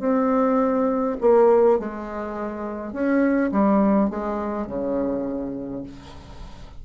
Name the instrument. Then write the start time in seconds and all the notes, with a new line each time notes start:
bassoon
0.00 C4
1.21 A#3
1.79 G#3
2.93 C#4
3.52 G3
4.10 G#3
4.67 C#3